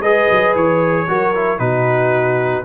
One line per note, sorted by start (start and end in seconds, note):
0.00 0.26 G#3
0.00 1.08 G#4
0.00 1.07 B4
0.00 0.54 D#5
0.31 0.55 F#3
0.55 1.08 E3
0.55 1.59 C#5
1.08 1.59 F#3
1.08 1.34 F#4
1.08 1.59 A#4
1.35 1.58 E4
1.58 2.64 B2
1.58 2.64 D#4
1.58 2.64 F#4
1.58 2.64 B4